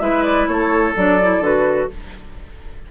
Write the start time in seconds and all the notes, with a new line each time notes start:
0.00 G#3 E4 B4 E5
0.24 D5
0.47 A3 A4 C#5
0.97 F#3 D4 D5
1.22 E4
1.40 D3 F#4 B4